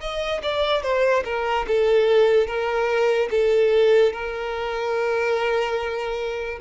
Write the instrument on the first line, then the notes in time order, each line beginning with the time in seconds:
violin
0.00 D#5
0.42 D5
0.82 C5
1.24 A#4
1.67 A4
2.47 A#4
3.30 A4
4.12 A#4